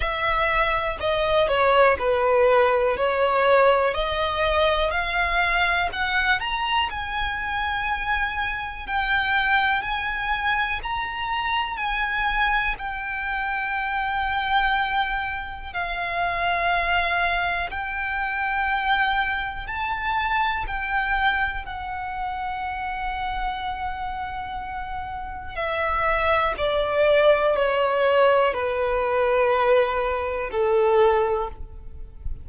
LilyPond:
\new Staff \with { instrumentName = "violin" } { \time 4/4 \tempo 4 = 61 e''4 dis''8 cis''8 b'4 cis''4 | dis''4 f''4 fis''8 ais''8 gis''4~ | gis''4 g''4 gis''4 ais''4 | gis''4 g''2. |
f''2 g''2 | a''4 g''4 fis''2~ | fis''2 e''4 d''4 | cis''4 b'2 a'4 | }